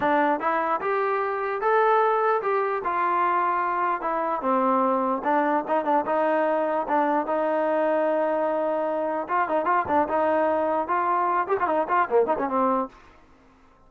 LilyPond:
\new Staff \with { instrumentName = "trombone" } { \time 4/4 \tempo 4 = 149 d'4 e'4 g'2 | a'2 g'4 f'4~ | f'2 e'4 c'4~ | c'4 d'4 dis'8 d'8 dis'4~ |
dis'4 d'4 dis'2~ | dis'2. f'8 dis'8 | f'8 d'8 dis'2 f'4~ | f'8 g'16 f'16 dis'8 f'8 ais8 dis'16 cis'16 c'4 | }